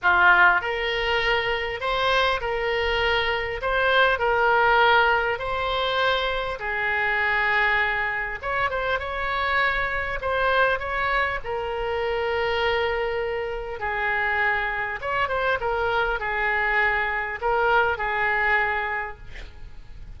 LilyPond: \new Staff \with { instrumentName = "oboe" } { \time 4/4 \tempo 4 = 100 f'4 ais'2 c''4 | ais'2 c''4 ais'4~ | ais'4 c''2 gis'4~ | gis'2 cis''8 c''8 cis''4~ |
cis''4 c''4 cis''4 ais'4~ | ais'2. gis'4~ | gis'4 cis''8 c''8 ais'4 gis'4~ | gis'4 ais'4 gis'2 | }